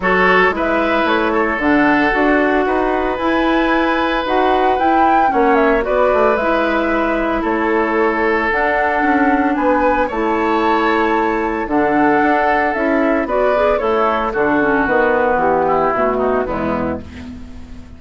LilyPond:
<<
  \new Staff \with { instrumentName = "flute" } { \time 4/4 \tempo 4 = 113 cis''4 e''4 cis''4 fis''4~ | fis''2 gis''2 | fis''4 g''4 fis''8 e''8 d''4 | e''2 cis''2 |
fis''2 gis''4 a''4~ | a''2 fis''2 | e''4 d''4 cis''4 a'4 | b'4 g'4 fis'4 e'4 | }
  \new Staff \with { instrumentName = "oboe" } { \time 4/4 a'4 b'4. a'4.~ | a'4 b'2.~ | b'2 cis''4 b'4~ | b'2 a'2~ |
a'2 b'4 cis''4~ | cis''2 a'2~ | a'4 b'4 e'4 fis'4~ | fis'4. e'4 dis'8 b4 | }
  \new Staff \with { instrumentName = "clarinet" } { \time 4/4 fis'4 e'2 d'4 | fis'2 e'2 | fis'4 e'4 cis'4 fis'4 | e'1 |
d'2. e'4~ | e'2 d'2 | e'4 fis'8 gis'8 a'4 d'8 cis'8 | b2 a4 gis4 | }
  \new Staff \with { instrumentName = "bassoon" } { \time 4/4 fis4 gis4 a4 d4 | d'4 dis'4 e'2 | dis'4 e'4 ais4 b8 a8 | gis2 a2 |
d'4 cis'4 b4 a4~ | a2 d4 d'4 | cis'4 b4 a4 d4 | dis4 e4 b,4 e,4 | }
>>